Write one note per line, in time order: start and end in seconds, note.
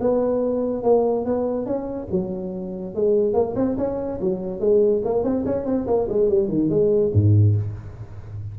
0.00 0.83 B3
0.83 1.25 A#3
1.25 1.65 B3
1.65 2.07 C#4
2.11 2.94 F#3
2.94 3.33 G#3
3.33 3.54 A#3
3.55 3.76 C4
3.77 4.19 C#4
4.20 4.59 F#3
4.59 5.01 G#3
5.04 5.23 A#3
5.23 5.44 C4
5.45 5.65 C#4
5.65 5.86 C4
5.86 6.07 A#3
6.08 6.29 G#3
6.29 6.48 G3
6.48 6.69 D#3
6.69 7.11 G#3
7.13 7.55 G#2